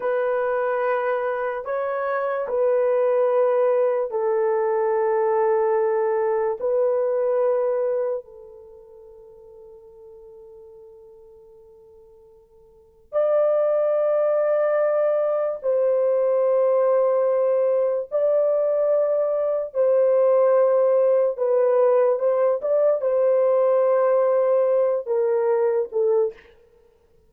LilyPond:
\new Staff \with { instrumentName = "horn" } { \time 4/4 \tempo 4 = 73 b'2 cis''4 b'4~ | b'4 a'2. | b'2 a'2~ | a'1 |
d''2. c''4~ | c''2 d''2 | c''2 b'4 c''8 d''8 | c''2~ c''8 ais'4 a'8 | }